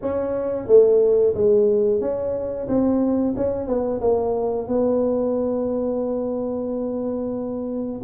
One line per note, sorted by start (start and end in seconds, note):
0.01 0.67 C#4
0.67 1.33 A3
1.34 2.00 G#3
2.00 2.67 C#4
2.68 3.34 C4
3.36 3.67 C#4
3.67 4.00 B3
4.00 4.67 A#3
4.67 8.01 B3